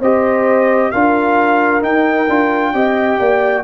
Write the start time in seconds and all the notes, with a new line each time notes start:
0.00 C4 G4 C5 D#5
0.91 D4 F4 A#4 F5
1.81 D#4 G5
2.28 D4 F4
2.73 C4 G4 D#5
3.19 A#3 D5